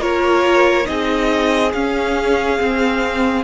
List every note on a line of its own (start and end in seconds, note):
0.00 0.86 A#3
0.00 0.84 F4
0.00 0.87 A#4
0.00 0.86 C#5
0.84 1.74 C4
0.84 1.70 D#4
0.84 3.44 G#4
0.84 1.72 D#5
1.73 2.60 C#4
1.73 2.58 C#4
1.73 3.44 F5
2.58 3.44 C4